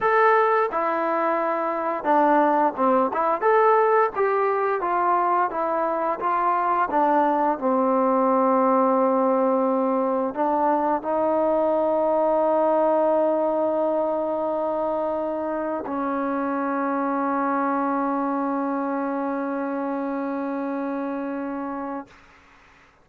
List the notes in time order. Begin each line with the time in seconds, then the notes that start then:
0.01 A4
0.71 E4
2.04 D4
2.76 C4
3.13 E4
3.41 A4
4.15 G4
4.81 F4
5.50 E4
6.19 F4
6.90 D4
7.58 C4
10.34 D4
11.02 D#4
15.86 C#4